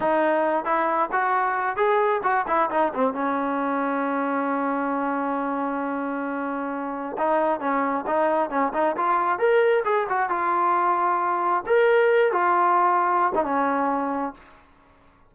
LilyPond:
\new Staff \with { instrumentName = "trombone" } { \time 4/4 \tempo 4 = 134 dis'4. e'4 fis'4. | gis'4 fis'8 e'8 dis'8 c'8 cis'4~ | cis'1~ | cis'1 |
dis'4 cis'4 dis'4 cis'8 dis'8 | f'4 ais'4 gis'8 fis'8 f'4~ | f'2 ais'4. f'8~ | f'4.~ f'16 dis'16 cis'2 | }